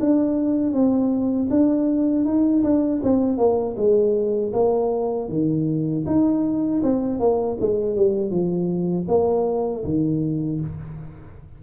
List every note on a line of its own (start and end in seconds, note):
0.00 0.73 D4
0.73 1.49 C4
1.51 2.25 D4
2.25 2.63 D#4
2.64 3.02 D4
3.03 3.37 C4
3.37 3.75 A#3
3.77 4.53 G#3
4.53 5.29 A#3
5.29 6.04 D#3
6.06 6.82 D#4
6.83 7.19 C4
7.19 7.57 A#3
7.60 7.96 G#3
7.96 8.31 G3
8.31 9.07 F3
9.08 9.84 A#3
9.84 10.60 D#3